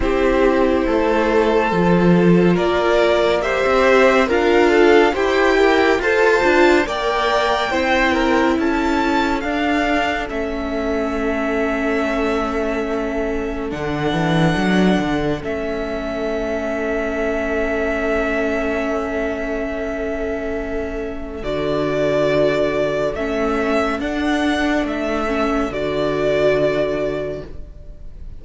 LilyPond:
<<
  \new Staff \with { instrumentName = "violin" } { \time 4/4 \tempo 4 = 70 c''2. d''4 | e''4 f''4 g''4 a''4 | g''2 a''4 f''4 | e''1 |
fis''2 e''2~ | e''1~ | e''4 d''2 e''4 | fis''4 e''4 d''2 | }
  \new Staff \with { instrumentName = "violin" } { \time 4/4 g'4 a'2 ais'4 | c''4 ais'8 a'8 g'4 c''4 | d''4 c''8 ais'8 a'2~ | a'1~ |
a'1~ | a'1~ | a'1~ | a'1 | }
  \new Staff \with { instrumentName = "viola" } { \time 4/4 e'2 f'2 | g'4 f'4 c''8 ais'8 a'8 f'8 | ais'4 e'2 d'4 | cis'1 |
d'2 cis'2~ | cis'1~ | cis'4 fis'2 cis'4 | d'4. cis'8 fis'2 | }
  \new Staff \with { instrumentName = "cello" } { \time 4/4 c'4 a4 f4 ais4~ | ais16 c'8. d'4 e'4 f'8 d'8 | ais4 c'4 cis'4 d'4 | a1 |
d8 e8 fis8 d8 a2~ | a1~ | a4 d2 a4 | d'4 a4 d2 | }
>>